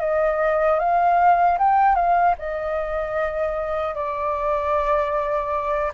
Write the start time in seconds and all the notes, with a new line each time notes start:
0.00 D#5
0.79 F5
1.58 G5
1.95 F5
2.38 D#5
3.94 D5